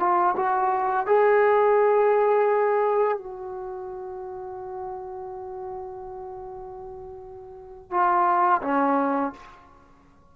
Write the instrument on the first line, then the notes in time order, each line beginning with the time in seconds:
trombone
0.00 F4
0.36 F#4
1.07 G#4
3.18 F#4
7.91 F4
8.62 C#4